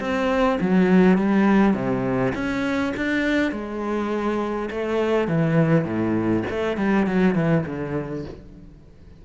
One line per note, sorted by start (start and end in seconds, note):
0.00 0.59 C4
0.61 1.18 F#3
1.18 1.74 G3
1.74 2.33 C3
2.35 2.94 C#4
2.97 3.52 D4
3.52 4.69 G#3
4.71 5.28 A3
5.28 5.85 E3
5.85 6.44 A2
6.50 6.77 A3
6.77 7.07 G3
7.07 7.35 F#3
7.35 7.65 E3
7.66 8.25 D3